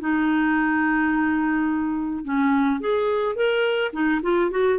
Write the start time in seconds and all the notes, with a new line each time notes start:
0.00 D#4
2.25 C#4
2.80 G#4
3.35 A#4
3.93 D#4
4.23 F4
4.51 F#4